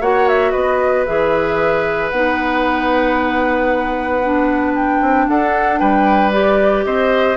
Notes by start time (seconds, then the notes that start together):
0.00 A#3 F#4 C#5 F#5
0.28 E5
0.51 B3 B4 D#5
1.05 E3 G#4 E5
2.10 B3 D#4 F#5
4.23 D4
4.75 G5
5.00 C4
5.28 D4 A4 F#5
5.78 G3 B4 G5
6.31 G4 D5
6.84 C4 C5 D#5